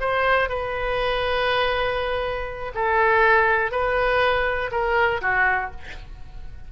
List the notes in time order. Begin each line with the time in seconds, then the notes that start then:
0.00 C5
0.49 B4
2.74 A4
3.71 B4
4.71 A#4
5.21 F#4